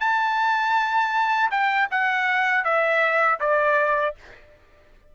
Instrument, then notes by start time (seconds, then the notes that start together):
trumpet
0.00 A5
1.51 G5
1.91 F#5
2.65 E5
3.40 D5